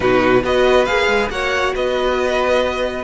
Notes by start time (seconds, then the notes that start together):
0.00 B2 D#4 F#4 B4
0.43 B3 F#4 B4 D#5
0.85 A#3 G#4 F5
1.07 G#3
1.30 A#3 F#4 C#5 F#5
1.75 B3 B4 D#5